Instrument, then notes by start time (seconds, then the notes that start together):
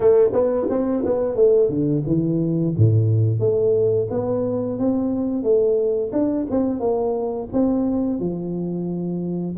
tuba
0.00 A3
0.33 B3
0.69 C4
1.05 B3
1.35 A3
1.69 D3
2.06 E3
2.77 A2
3.39 A3
4.10 B3
4.79 C4
5.43 A3
6.12 D4
6.50 C4
6.80 A#3
7.52 C4
8.19 F3